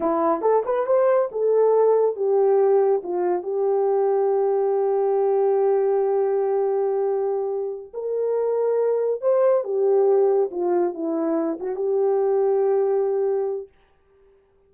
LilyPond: \new Staff \with { instrumentName = "horn" } { \time 4/4 \tempo 4 = 140 e'4 a'8 b'8 c''4 a'4~ | a'4 g'2 f'4 | g'1~ | g'1~ |
g'2~ g'8 ais'4.~ | ais'4. c''4 g'4.~ | g'8 f'4 e'4. fis'8 g'8~ | g'1 | }